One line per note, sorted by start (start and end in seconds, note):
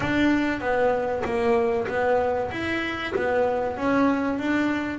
0.00 0.60 D4
0.60 1.22 B3
1.24 1.87 A#3
1.88 2.50 B3
2.51 3.13 E4
3.15 3.76 B3
3.76 4.39 C#4
4.39 4.98 D4